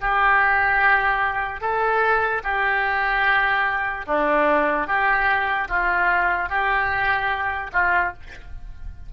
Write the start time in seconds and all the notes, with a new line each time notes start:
0.00 G4
1.61 A4
2.43 G4
4.07 D4
4.87 G4
5.68 F4
6.49 G4
7.72 F4